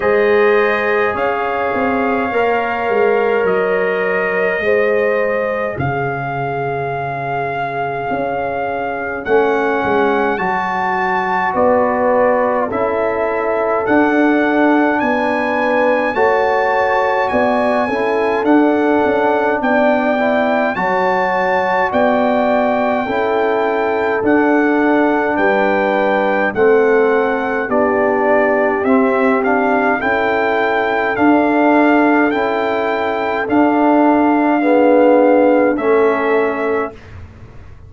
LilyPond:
<<
  \new Staff \with { instrumentName = "trumpet" } { \time 4/4 \tempo 4 = 52 dis''4 f''2 dis''4~ | dis''4 f''2. | fis''4 a''4 d''4 e''4 | fis''4 gis''4 a''4 gis''4 |
fis''4 g''4 a''4 g''4~ | g''4 fis''4 g''4 fis''4 | d''4 e''8 f''8 g''4 f''4 | g''4 f''2 e''4 | }
  \new Staff \with { instrumentName = "horn" } { \time 4/4 c''4 cis''2. | c''4 cis''2.~ | cis''2 b'4 a'4~ | a'4 b'4 cis''4 d''8 a'8~ |
a'4 d''4 cis''4 d''4 | a'2 b'4 a'4 | g'2 a'2~ | a'2 gis'4 a'4 | }
  \new Staff \with { instrumentName = "trombone" } { \time 4/4 gis'2 ais'2 | gis'1 | cis'4 fis'2 e'4 | d'2 fis'4. e'8 |
d'4. e'8 fis'2 | e'4 d'2 c'4 | d'4 c'8 d'8 e'4 d'4 | e'4 d'4 b4 cis'4 | }
  \new Staff \with { instrumentName = "tuba" } { \time 4/4 gis4 cis'8 c'8 ais8 gis8 fis4 | gis4 cis2 cis'4 | a8 gis8 fis4 b4 cis'4 | d'4 b4 a4 b8 cis'8 |
d'8 cis'8 b4 fis4 b4 | cis'4 d'4 g4 a4 | b4 c'4 cis'4 d'4 | cis'4 d'2 a4 | }
>>